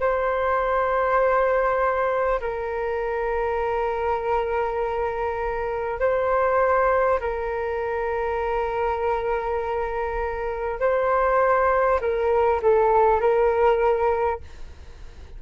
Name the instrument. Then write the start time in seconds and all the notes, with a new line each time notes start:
flute
0.00 C5
2.41 A#4
6.00 C5
7.21 A#4
10.81 C5
12.01 A#4
12.62 A4
13.21 A#4